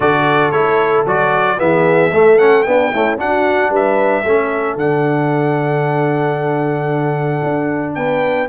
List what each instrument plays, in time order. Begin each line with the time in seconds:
0.00 tuba D3, trombone F#4, horn A4, trumpet D5
0.51 tuba A3, trombone E4, trumpet C#5
1.06 tuba F#3, trombone F#4, trumpet D5
1.57 tuba E3, trombone B3, horn G#4, trumpet E5
2.12 trombone A3, tuba A3, horn A4
2.38 trombone C#4, trumpet F#5
2.62 trombone B3, tuba B3, horn D4, trumpet G5
2.92 trombone A3, tuba C#4, horn E4
3.17 trombone D4, tuba D4, horn F#4, trumpet F#5
3.69 tuba G3, horn B4, trumpet E5
4.24 tuba A3, trombone C#4, horn A4
4.76 tuba D3, trombone D4, trumpet F#5
7.43 tuba D4
7.95 tuba B3, horn B4, trumpet G5